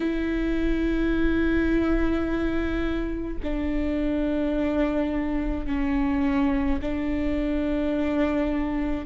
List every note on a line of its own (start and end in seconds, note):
0.00 3.37 E4
3.43 5.66 D4
5.66 6.79 C#4
6.81 9.06 D4